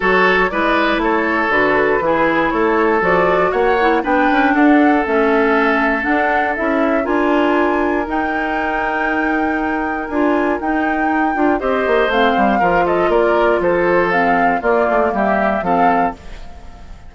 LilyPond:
<<
  \new Staff \with { instrumentName = "flute" } { \time 4/4 \tempo 4 = 119 cis''4 d''4 cis''4 b'4~ | b'4 cis''4 d''4 fis''4 | g''4 fis''4 e''2 | fis''4 e''4 gis''2 |
g''1 | gis''4 g''2 dis''4 | f''4. dis''8 d''4 c''4 | f''4 d''4 e''4 f''4 | }
  \new Staff \with { instrumentName = "oboe" } { \time 4/4 a'4 b'4 a'2 | gis'4 a'2 cis''4 | b'4 a'2.~ | a'2 ais'2~ |
ais'1~ | ais'2. c''4~ | c''4 ais'8 a'8 ais'4 a'4~ | a'4 f'4 g'4 a'4 | }
  \new Staff \with { instrumentName = "clarinet" } { \time 4/4 fis'4 e'2 fis'4 | e'2 fis'4. e'8 | d'2 cis'2 | d'4 e'4 f'2 |
dis'1 | f'4 dis'4. f'8 g'4 | c'4 f'2. | c'4 ais2 c'4 | }
  \new Staff \with { instrumentName = "bassoon" } { \time 4/4 fis4 gis4 a4 d4 | e4 a4 f4 ais4 | b8 cis'8 d'4 a2 | d'4 cis'4 d'2 |
dis'1 | d'4 dis'4. d'8 c'8 ais8 | a8 g8 f4 ais4 f4~ | f4 ais8 a8 g4 f4 | }
>>